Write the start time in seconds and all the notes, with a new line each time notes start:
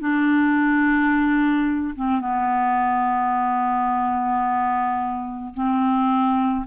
0.00 D4
1.96 C4
2.20 B3
5.54 C4